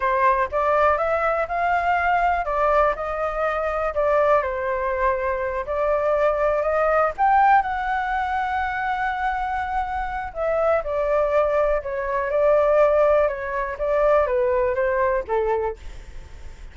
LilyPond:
\new Staff \with { instrumentName = "flute" } { \time 4/4 \tempo 4 = 122 c''4 d''4 e''4 f''4~ | f''4 d''4 dis''2 | d''4 c''2~ c''8 d''8~ | d''4. dis''4 g''4 fis''8~ |
fis''1~ | fis''4 e''4 d''2 | cis''4 d''2 cis''4 | d''4 b'4 c''4 a'4 | }